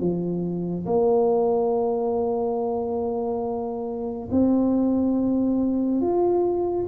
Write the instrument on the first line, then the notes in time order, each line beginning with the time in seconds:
tuba
0.00 F3
0.86 A#3
4.31 C4
6.01 F4